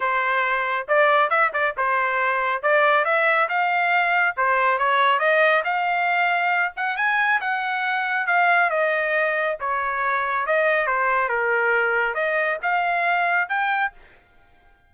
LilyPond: \new Staff \with { instrumentName = "trumpet" } { \time 4/4 \tempo 4 = 138 c''2 d''4 e''8 d''8 | c''2 d''4 e''4 | f''2 c''4 cis''4 | dis''4 f''2~ f''8 fis''8 |
gis''4 fis''2 f''4 | dis''2 cis''2 | dis''4 c''4 ais'2 | dis''4 f''2 g''4 | }